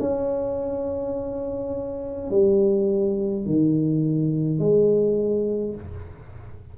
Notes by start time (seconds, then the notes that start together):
0.00 C#4
2.30 G3
3.46 D#3
4.59 G#3